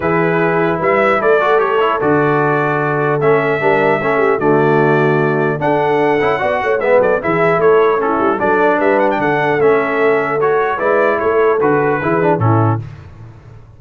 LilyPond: <<
  \new Staff \with { instrumentName = "trumpet" } { \time 4/4 \tempo 4 = 150 b'2 e''4 d''4 | cis''4 d''2. | e''2. d''4~ | d''2 fis''2~ |
fis''4 e''8 d''8 e''4 cis''4 | a'4 d''4 e''8 fis''16 g''16 fis''4 | e''2 cis''4 d''4 | cis''4 b'2 a'4 | }
  \new Staff \with { instrumentName = "horn" } { \time 4/4 gis'2 b'4 a'4~ | a'1~ | a'4 ais'4 a'8 g'8 fis'4~ | fis'2 a'2 |
d''8 cis''8 b'8 a'8 gis'4 a'4 | e'4 a'4 b'4 a'4~ | a'2. b'4 | a'2 gis'4 e'4 | }
  \new Staff \with { instrumentName = "trombone" } { \time 4/4 e'2.~ e'8 fis'8 | g'8 e'8 fis'2. | cis'4 d'4 cis'4 a4~ | a2 d'4. e'8 |
fis'4 b4 e'2 | cis'4 d'2. | cis'2 fis'4 e'4~ | e'4 fis'4 e'8 d'8 cis'4 | }
  \new Staff \with { instrumentName = "tuba" } { \time 4/4 e2 g4 a4~ | a4 d2. | a4 g4 a4 d4~ | d2 d'4. cis'8 |
b8 a8 gis8 fis8 e4 a4~ | a8 g8 fis4 g4 d4 | a2. gis4 | a4 d4 e4 a,4 | }
>>